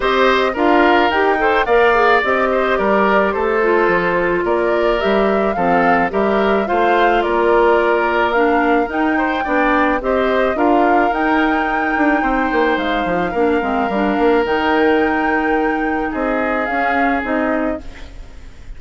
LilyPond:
<<
  \new Staff \with { instrumentName = "flute" } { \time 4/4 \tempo 4 = 108 dis''4 f''4 g''4 f''4 | dis''4 d''4 c''2 | d''4 e''4 f''4 e''4 | f''4 d''2 f''4 |
g''2 dis''4 f''4 | g''2. f''4~ | f''2 g''2~ | g''4 dis''4 f''4 dis''4 | }
  \new Staff \with { instrumentName = "oboe" } { \time 4/4 c''4 ais'4. c''8 d''4~ | d''8 c''8 ais'4 a'2 | ais'2 a'4 ais'4 | c''4 ais'2.~ |
ais'8 c''8 d''4 c''4 ais'4~ | ais'2 c''2 | ais'1~ | ais'4 gis'2. | }
  \new Staff \with { instrumentName = "clarinet" } { \time 4/4 g'4 f'4 g'8 a'8 ais'8 gis'8 | g'2~ g'8 f'4.~ | f'4 g'4 c'4 g'4 | f'2. d'4 |
dis'4 d'4 g'4 f'4 | dis'1 | d'8 c'8 d'4 dis'2~ | dis'2 cis'4 dis'4 | }
  \new Staff \with { instrumentName = "bassoon" } { \time 4/4 c'4 d'4 dis'4 ais4 | c'4 g4 a4 f4 | ais4 g4 f4 g4 | a4 ais2. |
dis'4 b4 c'4 d'4 | dis'4. d'8 c'8 ais8 gis8 f8 | ais8 gis8 g8 ais8 dis2~ | dis4 c'4 cis'4 c'4 | }
>>